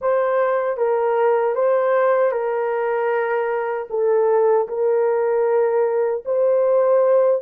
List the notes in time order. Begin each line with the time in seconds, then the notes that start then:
0.01 C5
0.77 A#4
1.55 C5
2.31 A#4
3.90 A4
4.68 A#4
6.25 C5